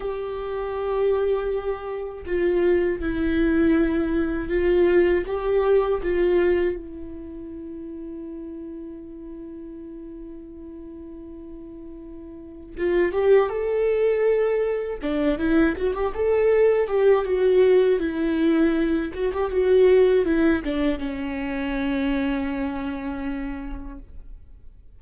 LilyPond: \new Staff \with { instrumentName = "viola" } { \time 4/4 \tempo 4 = 80 g'2. f'4 | e'2 f'4 g'4 | f'4 e'2.~ | e'1~ |
e'4 f'8 g'8 a'2 | d'8 e'8 fis'16 g'16 a'4 g'8 fis'4 | e'4. fis'16 g'16 fis'4 e'8 d'8 | cis'1 | }